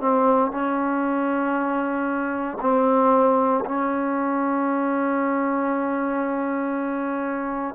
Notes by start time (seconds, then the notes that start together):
0.00 C4
0.51 C#4
2.61 C4
3.65 C#4